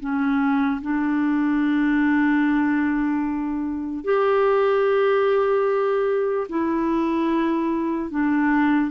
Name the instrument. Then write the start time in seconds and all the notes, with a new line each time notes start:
clarinet
0.00 C#4
0.82 D4
4.04 G4
6.49 E4
8.10 D4